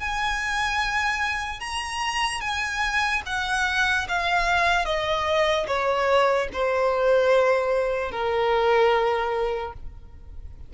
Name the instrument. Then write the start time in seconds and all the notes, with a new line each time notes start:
violin
0.00 G#5
1.60 A#5
2.41 G#5
3.27 F#5
4.09 F5
4.86 D#5
5.68 C#5
6.53 C5
8.12 A#4